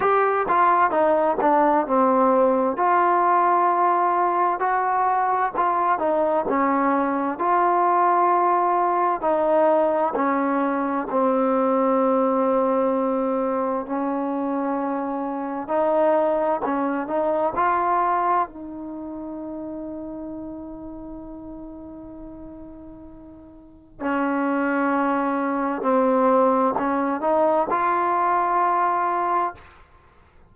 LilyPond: \new Staff \with { instrumentName = "trombone" } { \time 4/4 \tempo 4 = 65 g'8 f'8 dis'8 d'8 c'4 f'4~ | f'4 fis'4 f'8 dis'8 cis'4 | f'2 dis'4 cis'4 | c'2. cis'4~ |
cis'4 dis'4 cis'8 dis'8 f'4 | dis'1~ | dis'2 cis'2 | c'4 cis'8 dis'8 f'2 | }